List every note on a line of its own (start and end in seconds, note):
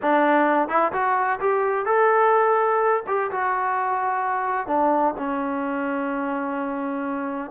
0.01 0.68 D4
0.68 0.91 E4
0.92 1.39 F#4
1.40 1.85 G4
1.85 3.02 A4
3.07 3.30 G4
3.31 4.67 F#4
4.67 5.14 D4
5.17 7.51 C#4